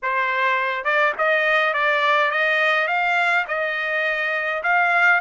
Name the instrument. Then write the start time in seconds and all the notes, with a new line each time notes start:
trumpet
0.02 C5
0.84 D5
1.18 D#5
1.73 D5
2.31 D#5
2.87 F5
3.47 D#5
4.63 F5